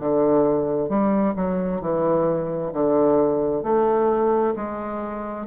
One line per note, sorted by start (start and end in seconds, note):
0.00 0.89 D3
0.89 1.34 G3
1.36 1.81 F#3
1.81 2.72 E3
2.73 3.63 D3
3.63 4.54 A3
4.56 5.47 G#3